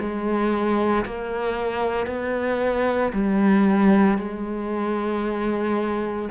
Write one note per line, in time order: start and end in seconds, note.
0.00 1.05 G#3
1.06 2.07 A#3
2.07 3.12 B3
3.13 4.18 G3
4.18 6.29 G#3